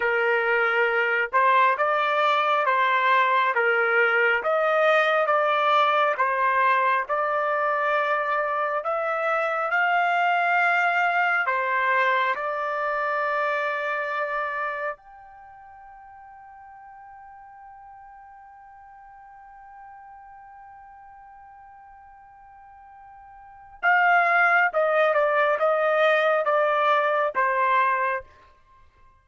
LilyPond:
\new Staff \with { instrumentName = "trumpet" } { \time 4/4 \tempo 4 = 68 ais'4. c''8 d''4 c''4 | ais'4 dis''4 d''4 c''4 | d''2 e''4 f''4~ | f''4 c''4 d''2~ |
d''4 g''2.~ | g''1~ | g''2. f''4 | dis''8 d''8 dis''4 d''4 c''4 | }